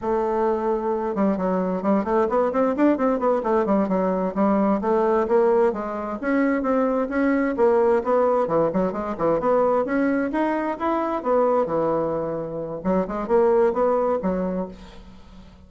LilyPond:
\new Staff \with { instrumentName = "bassoon" } { \time 4/4 \tempo 4 = 131 a2~ a8 g8 fis4 | g8 a8 b8 c'8 d'8 c'8 b8 a8 | g8 fis4 g4 a4 ais8~ | ais8 gis4 cis'4 c'4 cis'8~ |
cis'8 ais4 b4 e8 fis8 gis8 | e8 b4 cis'4 dis'4 e'8~ | e'8 b4 e2~ e8 | fis8 gis8 ais4 b4 fis4 | }